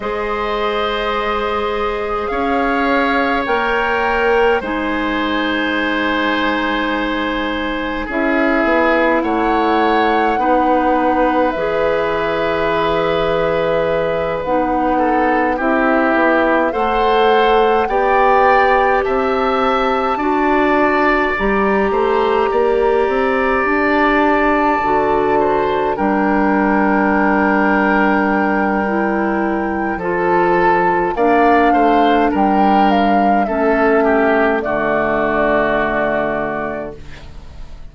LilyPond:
<<
  \new Staff \with { instrumentName = "flute" } { \time 4/4 \tempo 4 = 52 dis''2 f''4 g''4 | gis''2. e''4 | fis''2 e''2~ | e''8 fis''4 e''4 fis''4 g''8~ |
g''8 a''2 ais''4.~ | ais''8 a''2 g''4.~ | g''2 a''4 f''4 | g''8 f''8 e''4 d''2 | }
  \new Staff \with { instrumentName = "oboe" } { \time 4/4 c''2 cis''2 | c''2. gis'4 | cis''4 b'2.~ | b'4 a'8 g'4 c''4 d''8~ |
d''8 e''4 d''4. c''8 d''8~ | d''2 c''8 ais'4.~ | ais'2 a'4 d''8 c''8 | ais'4 a'8 g'8 fis'2 | }
  \new Staff \with { instrumentName = "clarinet" } { \time 4/4 gis'2. ais'4 | dis'2. e'4~ | e'4 dis'4 gis'2~ | gis'8 dis'4 e'4 a'4 g'8~ |
g'4. fis'4 g'4.~ | g'4. fis'4 d'4.~ | d'4 e'4 f'4 d'4~ | d'4 cis'4 a2 | }
  \new Staff \with { instrumentName = "bassoon" } { \time 4/4 gis2 cis'4 ais4 | gis2. cis'8 b8 | a4 b4 e2~ | e8 b4 c'8 b8 a4 b8~ |
b8 c'4 d'4 g8 a8 ais8 | c'8 d'4 d4 g4.~ | g2 f4 ais8 a8 | g4 a4 d2 | }
>>